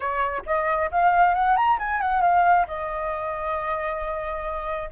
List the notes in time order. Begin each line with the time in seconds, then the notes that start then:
0.00 C#5
0.46 D#5
0.91 F5
1.34 F#5
1.56 A#5
1.78 G#5
2.01 F#5
2.21 F5
2.67 D#5